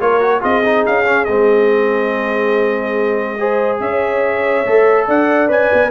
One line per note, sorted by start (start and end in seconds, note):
0.00 0.42 A#3
0.00 0.20 F4
0.00 0.40 A#4
0.00 0.42 C#5
0.20 0.41 F#4
0.40 0.86 C4
0.40 0.62 F4
0.40 3.36 G#4
0.40 0.85 D#5
0.65 1.05 D#4
0.86 1.28 C#4
0.86 1.25 F5
1.05 1.26 C#4
1.25 3.80 G#3
1.25 3.38 C4
1.25 3.78 D#5
3.38 4.65 G#4
3.38 3.82 C5
3.80 4.64 C#4
3.80 5.07 C#5
3.80 5.07 E5
4.66 5.08 A3
4.66 5.48 A4
5.07 5.49 D4
5.07 5.90 D5
5.07 5.51 F#5
5.48 5.70 C#4
5.48 5.90 B4
5.48 5.90 G#5
5.73 5.90 B3